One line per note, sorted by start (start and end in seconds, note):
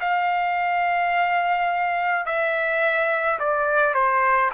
0.00 2.26 F5
2.26 3.39 E5
3.40 3.94 D5
3.94 4.51 C5